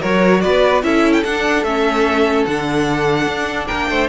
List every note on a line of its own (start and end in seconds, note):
0.00 0.44 F#3
0.00 0.83 F#4
0.00 0.41 A#4
0.00 0.41 C#5
0.41 0.82 B3
0.41 0.84 B4
0.41 0.81 D5
0.82 1.23 C#4
0.82 1.23 E4
0.82 3.66 A4
0.82 1.13 E5
1.13 1.23 G5
1.24 1.63 D4
1.24 1.65 D4
1.24 1.63 F#5
1.63 2.45 A3
1.63 2.48 C#4
1.63 2.45 E5
2.45 3.27 D3
2.45 4.09 D4
2.45 3.67 F#5
3.27 3.68 D4
3.66 3.90 A#3
3.66 3.87 A#4
3.66 4.08 G5
3.90 4.09 A3
3.90 4.09 C5